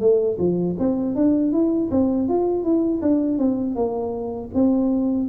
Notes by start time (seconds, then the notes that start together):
0.00 A3
0.39 F3
0.79 C4
1.16 D4
1.52 E4
1.91 C4
2.28 F4
2.64 E4
3.02 D4
3.38 C4
3.75 A#3
4.54 C4